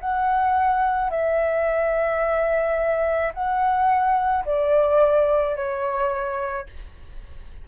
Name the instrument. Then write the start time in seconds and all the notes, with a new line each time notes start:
flute
0.00 F#5
1.10 E5
3.33 F#5
4.45 D5
5.56 C#5